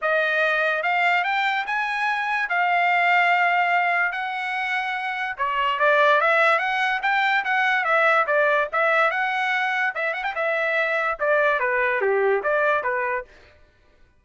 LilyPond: \new Staff \with { instrumentName = "trumpet" } { \time 4/4 \tempo 4 = 145 dis''2 f''4 g''4 | gis''2 f''2~ | f''2 fis''2~ | fis''4 cis''4 d''4 e''4 |
fis''4 g''4 fis''4 e''4 | d''4 e''4 fis''2 | e''8 fis''16 g''16 e''2 d''4 | b'4 g'4 d''4 b'4 | }